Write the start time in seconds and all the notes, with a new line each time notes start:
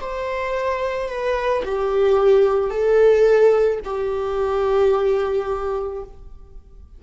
0.00 C5
1.09 B4
1.64 G4
2.70 A4
3.84 G4